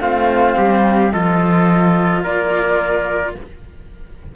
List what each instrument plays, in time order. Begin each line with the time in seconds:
0.00 cello A3 C4, trumpet F4, flute F5
0.58 cello G3, trumpet G4
1.12 cello F3 F4, trumpet A4, flute D#5
2.24 cello A#3, trumpet A#4, flute D5